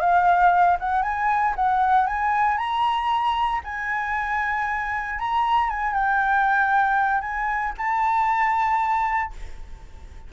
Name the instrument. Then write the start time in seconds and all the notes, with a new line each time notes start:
flute
0.00 F5
0.79 F#5
1.03 G#5
1.55 F#5
2.07 G#5
2.58 A#5
3.64 G#5
5.19 A#5
5.69 G#5
5.93 G5
7.21 G#5
7.78 A5